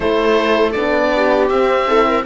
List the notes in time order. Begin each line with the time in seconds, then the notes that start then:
0.00 A3 E4 A4 C5
0.72 B3 D4 D5
1.15 G4
1.49 C4 E5
1.86 E4 A4
2.06 A#4